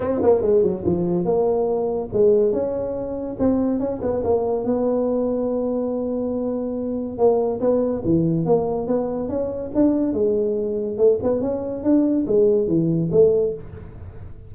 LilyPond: \new Staff \with { instrumentName = "tuba" } { \time 4/4 \tempo 4 = 142 c'8 ais8 gis8 fis8 f4 ais4~ | ais4 gis4 cis'2 | c'4 cis'8 b8 ais4 b4~ | b1~ |
b4 ais4 b4 e4 | ais4 b4 cis'4 d'4 | gis2 a8 b8 cis'4 | d'4 gis4 e4 a4 | }